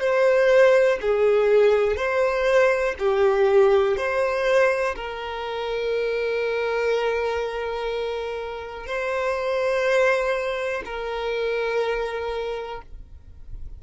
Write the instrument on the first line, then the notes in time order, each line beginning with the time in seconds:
violin
0.00 C5
1.01 G#4
1.96 C5
2.99 G4
3.97 C5
4.95 A#4
8.86 C5
10.85 A#4